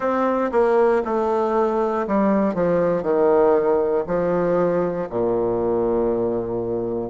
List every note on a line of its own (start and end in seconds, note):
0.00 0.50 C4
0.51 1.02 A#3
1.04 2.06 A3
2.07 2.54 G3
2.54 3.02 F3
3.02 4.04 D#3
4.07 5.08 F3
5.09 7.10 A#2